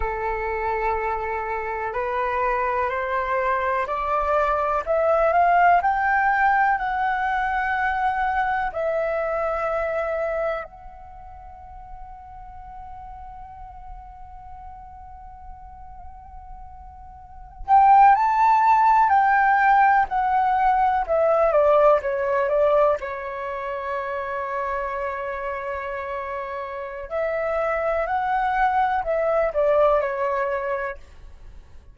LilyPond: \new Staff \with { instrumentName = "flute" } { \time 4/4 \tempo 4 = 62 a'2 b'4 c''4 | d''4 e''8 f''8 g''4 fis''4~ | fis''4 e''2 fis''4~ | fis''1~ |
fis''2~ fis''16 g''8 a''4 g''16~ | g''8. fis''4 e''8 d''8 cis''8 d''8 cis''16~ | cis''1 | e''4 fis''4 e''8 d''8 cis''4 | }